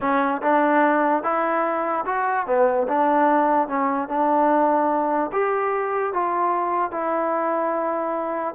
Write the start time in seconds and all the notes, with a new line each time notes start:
0.01 C#4
0.42 D4
1.23 E4
2.05 F#4
2.46 B3
2.88 D4
3.68 C#4
4.08 D4
5.32 G4
6.13 F4
6.91 E4